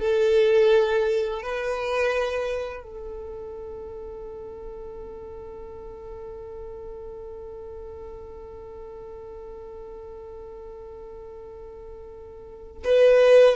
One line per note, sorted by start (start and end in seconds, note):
0.00 1.43 A4
1.43 2.83 B4
2.83 12.83 A4
12.84 13.56 B4